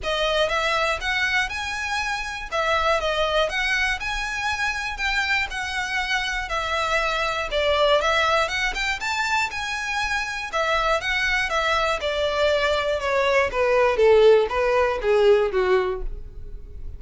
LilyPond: \new Staff \with { instrumentName = "violin" } { \time 4/4 \tempo 4 = 120 dis''4 e''4 fis''4 gis''4~ | gis''4 e''4 dis''4 fis''4 | gis''2 g''4 fis''4~ | fis''4 e''2 d''4 |
e''4 fis''8 g''8 a''4 gis''4~ | gis''4 e''4 fis''4 e''4 | d''2 cis''4 b'4 | a'4 b'4 gis'4 fis'4 | }